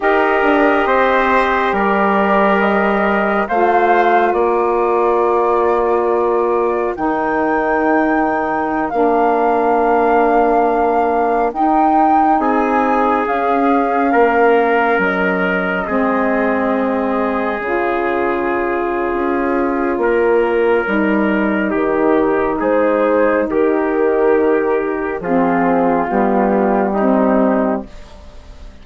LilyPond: <<
  \new Staff \with { instrumentName = "flute" } { \time 4/4 \tempo 4 = 69 dis''2 d''4 dis''4 | f''4 d''2. | g''2~ g''16 f''4.~ f''16~ | f''4~ f''16 g''4 gis''4 f''8.~ |
f''4~ f''16 dis''2~ dis''8.~ | dis''16 cis''2.~ cis''8.~ | cis''2 c''4 ais'4~ | ais'4 gis'4 g'2 | }
  \new Staff \with { instrumentName = "trumpet" } { \time 4/4 ais'4 c''4 ais'2 | c''4 ais'2.~ | ais'1~ | ais'2~ ais'16 gis'4.~ gis'16~ |
gis'16 ais'2 gis'4.~ gis'16~ | gis'2. ais'4~ | ais'4 g'4 gis'4 g'4~ | g'4 f'2 dis'4 | }
  \new Staff \with { instrumentName = "saxophone" } { \time 4/4 g'1 | f'1 | dis'2~ dis'16 d'4.~ d'16~ | d'4~ d'16 dis'2 cis'8.~ |
cis'2~ cis'16 c'4.~ c'16~ | c'16 f'2.~ f'8. | dis'1~ | dis'4 c'4 b4 c'4 | }
  \new Staff \with { instrumentName = "bassoon" } { \time 4/4 dis'8 d'8 c'4 g2 | a4 ais2. | dis2~ dis16 ais4.~ ais16~ | ais4~ ais16 dis'4 c'4 cis'8.~ |
cis'16 ais4 fis4 gis4.~ gis16~ | gis16 cis4.~ cis16 cis'4 ais4 | g4 dis4 gis4 dis4~ | dis4 f4 g2 | }
>>